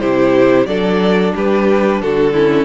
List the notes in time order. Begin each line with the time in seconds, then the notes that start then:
0.00 C3 E4 G4 C5
0.66 F#3 D4 A4 D5
1.35 G3 G4 B4
2.02 D3 F#4 A4
2.33 C#4 E4